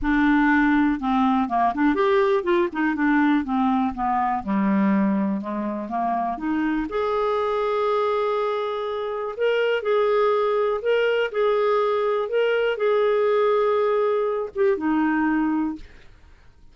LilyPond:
\new Staff \with { instrumentName = "clarinet" } { \time 4/4 \tempo 4 = 122 d'2 c'4 ais8 d'8 | g'4 f'8 dis'8 d'4 c'4 | b4 g2 gis4 | ais4 dis'4 gis'2~ |
gis'2. ais'4 | gis'2 ais'4 gis'4~ | gis'4 ais'4 gis'2~ | gis'4. g'8 dis'2 | }